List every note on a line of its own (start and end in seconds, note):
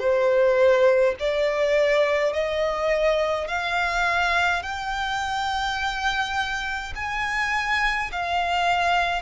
0.00 1.15 C5
1.20 2.33 D5
2.33 3.48 D#5
3.48 4.63 F5
4.63 6.94 G5
6.96 8.11 G#5
8.12 9.23 F5